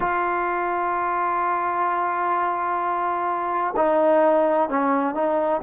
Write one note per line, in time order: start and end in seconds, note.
0.00 3.74 F4
3.76 4.69 D#4
4.69 5.14 C#4
5.14 5.61 D#4